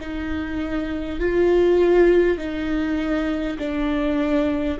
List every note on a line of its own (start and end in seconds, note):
0.00 1.19 D#4
1.19 2.38 F4
2.38 3.58 D#4
3.58 4.78 D4